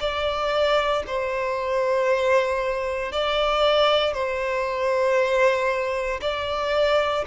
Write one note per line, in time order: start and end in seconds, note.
0.00 1.03 D5
1.07 3.12 C5
3.12 4.14 D5
4.14 6.21 C5
6.22 7.25 D5